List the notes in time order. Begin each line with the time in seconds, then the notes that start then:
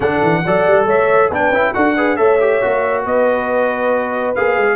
0.00 D3 D4 A4 F#5
0.22 E3
0.45 F#3 A4 D5
0.67 G3
0.86 A3 C#5 E5
1.30 B3 D4 B4 G5
1.50 C#4 E4
1.73 D4 F#4 A4 F#5
1.96 G#4 B4
2.16 A3 A4 C#5 E5
2.40 G4
2.61 A#3 F#4
3.04 B3 B4 D#5
4.35 A#3 G#4 F5
4.56 G#3